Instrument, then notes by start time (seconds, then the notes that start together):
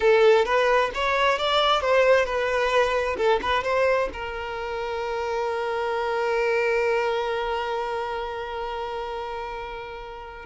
violin
0.00 A4
0.45 B4
0.94 C#5
1.38 D5
1.81 C5
2.25 B4
3.17 A4
3.42 B4
3.63 C5
4.13 A#4